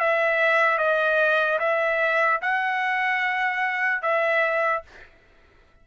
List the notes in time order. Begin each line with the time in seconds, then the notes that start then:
0.00 E5
0.78 D#5
1.60 E5
2.42 F#5
4.02 E5